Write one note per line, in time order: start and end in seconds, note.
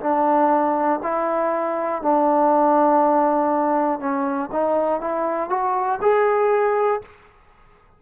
0.00 1.00 D4
1.03 2.02 E4
2.02 4.00 D4
4.00 4.50 C#4
4.52 5.01 D#4
5.01 5.50 E4
5.50 6.00 F#4
6.01 7.01 G#4